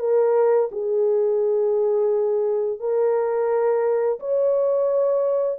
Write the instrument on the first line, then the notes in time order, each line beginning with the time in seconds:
horn
0.00 A#4
0.72 G#4
2.80 A#4
4.20 C#5